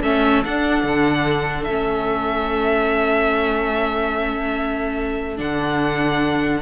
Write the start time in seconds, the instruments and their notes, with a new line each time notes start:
0.00 cello A3, viola C#4, violin A4 E5
0.44 viola D4, cello D4, violin F#5
0.83 cello D3
1.63 cello A3, viola C#4, violin E5
5.37 cello D3, viola D4, violin F#5